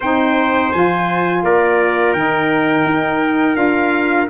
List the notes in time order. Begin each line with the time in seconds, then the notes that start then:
0.00 C4 D#4 C5 G5
0.72 F3 F4 G#5
1.43 A#3 A#4 D5
2.13 D#3 D#4 G5
2.85 D#4
3.54 D4 F4 F5